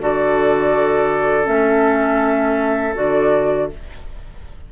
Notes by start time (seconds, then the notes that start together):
0.00 D3 F#4 A4 D5
1.44 A3 C#4 E5
2.95 D3 F#4 D5